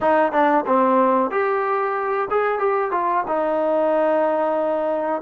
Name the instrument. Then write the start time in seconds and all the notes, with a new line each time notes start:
trombone
0.00 D#4
0.32 D4
0.66 C4
1.30 G4
2.30 G#4
2.58 G4
2.91 F4
3.27 D#4